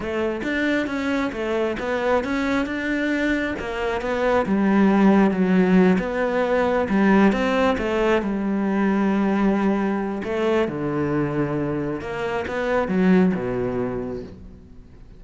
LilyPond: \new Staff \with { instrumentName = "cello" } { \time 4/4 \tempo 4 = 135 a4 d'4 cis'4 a4 | b4 cis'4 d'2 | ais4 b4 g2 | fis4. b2 g8~ |
g8 c'4 a4 g4.~ | g2. a4 | d2. ais4 | b4 fis4 b,2 | }